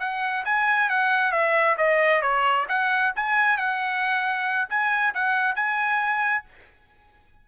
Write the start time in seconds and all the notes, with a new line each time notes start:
0.00 F#5
0.45 G#5
0.89 F#5
1.32 E5
1.78 D#5
2.22 C#5
2.69 F#5
3.16 G#5
3.58 F#5
4.70 G#5
5.14 F#5
5.56 G#5